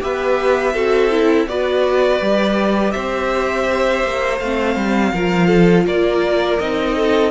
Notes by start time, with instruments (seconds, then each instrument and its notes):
0.00 cello B3, viola G4, violin B4 E5
0.73 cello C4, viola F#4, violin A4
1.11 viola E4
1.47 cello B3, viola F#4, violin B4 D5
2.20 cello G3, viola G4
2.91 cello C4, violin C5 E5
4.04 cello A#3
4.39 cello A3, viola C4, violin F5
4.75 cello G3
5.13 cello F3, viola F4, violin A#4
5.47 violin A4
5.86 cello A#3, violin A#4 D5
6.59 cello C4, viola D#4, violin D#5
6.95 violin A4